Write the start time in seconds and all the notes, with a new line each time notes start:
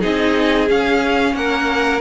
0.00 C4 D#4 G#4 D#5
0.68 C#4 F5
1.34 A#3 A#4 F#5